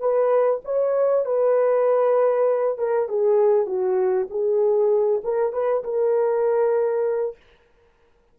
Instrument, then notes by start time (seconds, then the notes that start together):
horn
0.00 B4
0.65 C#5
1.26 B4
2.78 A#4
3.09 G#4
3.66 F#4
4.30 G#4
5.24 A#4
5.53 B4
5.84 A#4